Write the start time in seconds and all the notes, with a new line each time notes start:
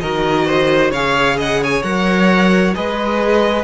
0.00 D#3 F#4 A#4 D#5
0.47 C5
0.91 C#3 G#4 C#5 F5
1.37 D#5 F#5
1.62 C#5 G#5
1.83 F#3 A#4 F#5
2.75 G#3 G#4 B4 D#5